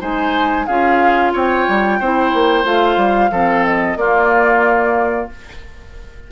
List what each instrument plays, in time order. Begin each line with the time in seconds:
0.00 bassoon G#3, clarinet D#4, oboe C5, flute G#5
0.66 bassoon C#4, clarinet F4, oboe G#4, flute F5
1.33 bassoon C4, oboe C#5, flute G5
1.68 bassoon G3
1.99 bassoon C4, clarinet E4, oboe C5
2.34 bassoon A#3
2.64 bassoon A3, clarinet F4, flute F5
2.97 bassoon G3
3.30 bassoon F3, clarinet C4, oboe A4
3.64 flute D#5
3.96 bassoon A#3, clarinet A#3, oboe F4, flute D5